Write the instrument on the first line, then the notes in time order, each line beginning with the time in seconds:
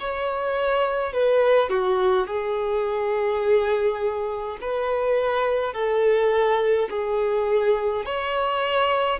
violin
0.00 C#5
1.14 B4
1.70 F#4
2.28 G#4
4.62 B4
5.74 A4
6.90 G#4
8.06 C#5